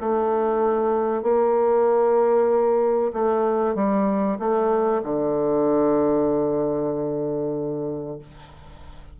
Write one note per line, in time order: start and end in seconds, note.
0.00 1.23 A3
1.23 3.12 A#3
3.13 3.75 A3
3.75 4.38 G3
4.39 5.02 A3
5.03 8.18 D3